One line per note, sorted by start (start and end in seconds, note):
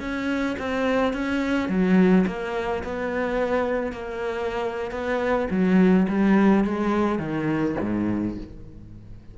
0.00 0.57 C#4
0.59 1.13 C4
1.13 1.69 C#4
1.69 2.25 F#3
2.27 2.83 A#3
2.84 3.92 B3
3.92 4.91 A#3
4.91 5.48 B3
5.50 6.07 F#3
6.08 6.65 G3
6.65 7.19 G#3
7.19 7.76 D#3
7.81 8.38 G#2